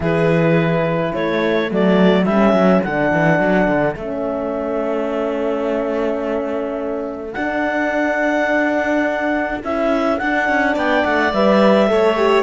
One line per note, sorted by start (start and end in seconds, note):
0.00 1.11 E3
0.00 1.67 E4
0.00 1.13 G#4
0.00 1.14 B4
1.13 1.71 A3
1.13 10.74 A4
1.13 1.71 C#5
1.68 2.26 F#3
1.68 2.24 A3
1.68 2.24 D5
2.24 2.52 G3
2.24 2.85 C#4
2.24 2.81 E5
2.52 2.81 F#3
2.83 3.12 D3
2.83 3.98 D4
2.83 3.95 F#5
3.12 3.39 E3
3.39 3.67 F#3
3.67 3.95 D3
3.95 7.34 A3
3.95 7.34 C#4
3.95 7.33 E5
7.33 9.60 D4
7.33 9.63 D4
7.33 9.59 F#5
9.63 10.20 C#4
9.63 10.19 E4
9.63 10.18 E5
10.18 10.48 D4
10.18 11.33 D4
10.18 10.74 F#5
10.48 10.75 C#4
10.74 11.04 B3
10.74 11.87 D5
10.74 11.04 G5
11.04 11.32 A3
11.04 11.33 F#5
11.32 11.89 G3
11.32 11.88 B4
11.32 12.43 E5
11.88 12.43 A3
11.88 12.16 A4
11.88 12.43 C#5
12.16 12.43 G4